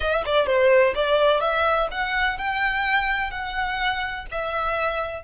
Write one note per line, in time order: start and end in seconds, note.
0.00 0.24 E5
0.25 0.46 D5
0.46 0.94 C5
0.94 1.40 D5
1.40 1.88 E5
1.91 2.37 F#5
2.37 3.30 G5
3.30 4.26 F#5
4.31 5.24 E5